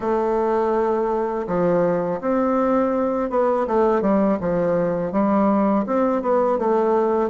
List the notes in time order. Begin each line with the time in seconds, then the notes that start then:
0.00 A3
1.47 F3
2.21 C4
3.30 B3
3.67 A3
4.01 G3
4.40 F3
5.12 G3
5.86 C4
6.22 B3
6.58 A3